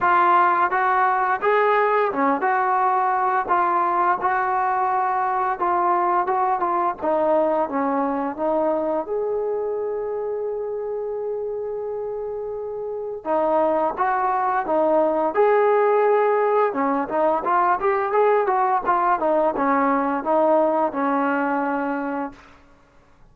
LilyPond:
\new Staff \with { instrumentName = "trombone" } { \time 4/4 \tempo 4 = 86 f'4 fis'4 gis'4 cis'8 fis'8~ | fis'4 f'4 fis'2 | f'4 fis'8 f'8 dis'4 cis'4 | dis'4 gis'2.~ |
gis'2. dis'4 | fis'4 dis'4 gis'2 | cis'8 dis'8 f'8 g'8 gis'8 fis'8 f'8 dis'8 | cis'4 dis'4 cis'2 | }